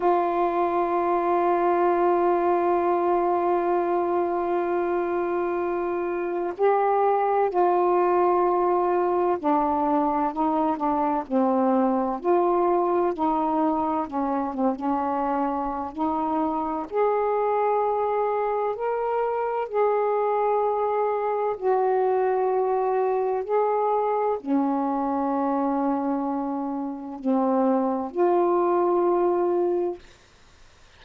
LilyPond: \new Staff \with { instrumentName = "saxophone" } { \time 4/4 \tempo 4 = 64 f'1~ | f'2. g'4 | f'2 d'4 dis'8 d'8 | c'4 f'4 dis'4 cis'8 c'16 cis'16~ |
cis'4 dis'4 gis'2 | ais'4 gis'2 fis'4~ | fis'4 gis'4 cis'2~ | cis'4 c'4 f'2 | }